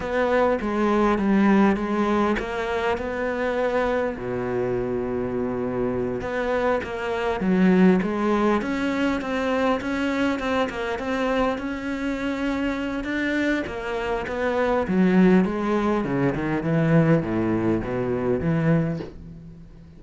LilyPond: \new Staff \with { instrumentName = "cello" } { \time 4/4 \tempo 4 = 101 b4 gis4 g4 gis4 | ais4 b2 b,4~ | b,2~ b,8 b4 ais8~ | ais8 fis4 gis4 cis'4 c'8~ |
c'8 cis'4 c'8 ais8 c'4 cis'8~ | cis'2 d'4 ais4 | b4 fis4 gis4 cis8 dis8 | e4 a,4 b,4 e4 | }